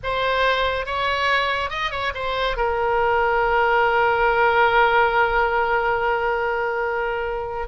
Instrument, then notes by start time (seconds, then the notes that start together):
oboe
0.03 C5
0.86 C#5
1.70 D#5
1.91 C#5
2.14 C5
2.56 A#4